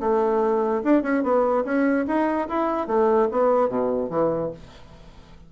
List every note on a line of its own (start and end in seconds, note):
0.00 0.82 A3
0.83 1.02 D4
1.02 1.23 C#4
1.23 1.64 B3
1.64 2.05 C#4
2.07 2.48 D#4
2.48 2.87 E4
2.87 3.28 A3
3.31 3.69 B3
3.69 4.09 B2
4.09 4.51 E3